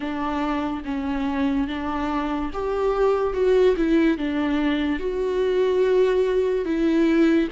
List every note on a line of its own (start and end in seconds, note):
0.00 0.83 D4
0.84 1.67 C#4
1.67 2.50 D4
2.53 3.33 G4
3.33 3.75 F#4
3.77 4.17 E4
4.17 4.99 D4
4.99 6.65 F#4
6.65 7.48 E4